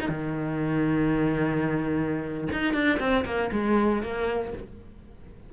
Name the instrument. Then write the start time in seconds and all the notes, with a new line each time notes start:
cello
0.00 D#4
0.08 D#3
2.52 D#4
2.73 D4
2.99 C4
3.25 A#3
3.52 G#3
4.02 A#3